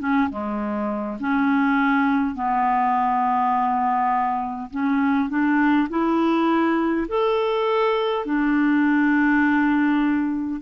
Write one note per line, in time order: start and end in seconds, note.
0.00 0.29 C#4
0.30 1.18 G#3
1.20 2.35 C#4
2.35 4.71 B3
4.71 5.29 C#4
5.29 5.88 D4
5.90 7.07 E4
7.09 8.26 A4
8.26 10.61 D4